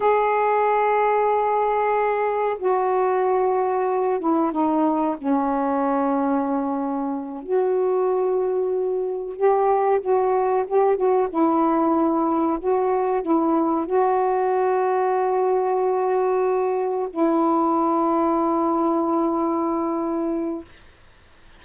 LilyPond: \new Staff \with { instrumentName = "saxophone" } { \time 4/4 \tempo 4 = 93 gis'1 | fis'2~ fis'8 e'8 dis'4 | cis'2.~ cis'8 fis'8~ | fis'2~ fis'8 g'4 fis'8~ |
fis'8 g'8 fis'8 e'2 fis'8~ | fis'8 e'4 fis'2~ fis'8~ | fis'2~ fis'8 e'4.~ | e'1 | }